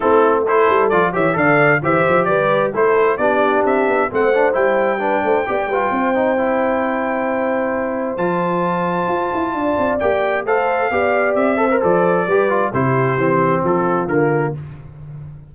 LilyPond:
<<
  \new Staff \with { instrumentName = "trumpet" } { \time 4/4 \tempo 4 = 132 a'4 c''4 d''8 e''8 f''4 | e''4 d''4 c''4 d''4 | e''4 fis''4 g''2~ | g''1~ |
g''2 a''2~ | a''2 g''4 f''4~ | f''4 e''4 d''2 | c''2 a'4 ais'4 | }
  \new Staff \with { instrumentName = "horn" } { \time 4/4 e'4 a'4. cis''8 d''4 | c''4 b'4 a'4 g'4~ | g'4 c''2 b'8 c''8 | d''8 b'8 c''2.~ |
c''1~ | c''4 d''2 c''4 | d''4. c''4. b'4 | g'2 f'2 | }
  \new Staff \with { instrumentName = "trombone" } { \time 4/4 c'4 e'4 f'8 g'8 a'4 | g'2 e'4 d'4~ | d'4 c'8 d'8 e'4 d'4 | g'8 f'4 dis'8 e'2~ |
e'2 f'2~ | f'2 g'4 a'4 | g'4. a'16 ais'16 a'4 g'8 f'8 | e'4 c'2 ais4 | }
  \new Staff \with { instrumentName = "tuba" } { \time 4/4 a4. g8 f8 e8 d4 | e8 f8 g4 a4 b4 | c'8 b8 a4 g4. a8 | b8 g8 c'2.~ |
c'2 f2 | f'8 e'8 d'8 c'8 ais4 a4 | b4 c'4 f4 g4 | c4 e4 f4 d4 | }
>>